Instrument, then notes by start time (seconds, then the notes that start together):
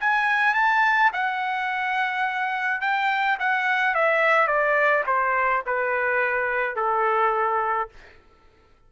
trumpet
0.00 G#5
0.54 A5
1.13 F#5
2.81 G5
3.39 F#5
3.95 E5
4.47 D5
5.07 C5
5.66 B4
6.76 A4